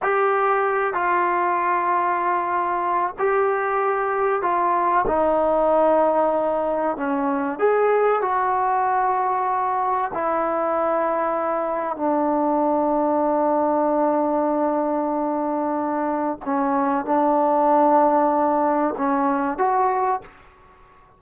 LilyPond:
\new Staff \with { instrumentName = "trombone" } { \time 4/4 \tempo 4 = 95 g'4. f'2~ f'8~ | f'4 g'2 f'4 | dis'2. cis'4 | gis'4 fis'2. |
e'2. d'4~ | d'1~ | d'2 cis'4 d'4~ | d'2 cis'4 fis'4 | }